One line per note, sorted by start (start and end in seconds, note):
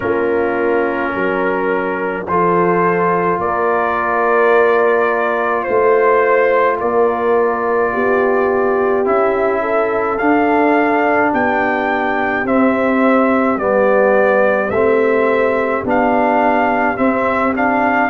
0.00 1.14 A#3
0.00 2.26 C#4
0.00 1.12 F4
0.00 2.26 A#4
1.12 2.26 F#3
1.12 2.25 A#4
2.26 3.38 F3
2.26 9.04 F4
2.26 3.42 A4
2.26 3.40 C5
3.38 5.65 A#3
3.38 5.64 A#4
3.38 5.63 D5
5.63 6.81 A3
5.63 6.76 C5
5.63 6.77 C5
6.79 7.94 A#3
6.79 7.92 A#4
6.79 9.06 D5
7.92 9.06 B3
7.92 9.61 G4
9.04 10.19 C#4
9.04 10.18 E4
9.04 10.18 E5
9.61 11.30 A4
10.18 11.33 D4
10.18 12.45 D4
10.18 11.31 F5
11.30 12.44 B3
11.30 18.10 G4
11.30 12.46 G5
12.44 13.56 C4
12.44 13.58 C4
12.44 13.58 E5
13.56 14.69 G3
13.56 14.72 B3
13.56 14.70 D5
14.70 15.83 A3
14.70 15.85 C4
14.70 15.83 E5
15.84 16.97 B3
15.84 16.96 D4
15.84 16.97 F5
16.96 17.53 C4
16.96 18.10 C4
16.96 17.53 E5
17.53 18.10 D4
17.53 18.10 F5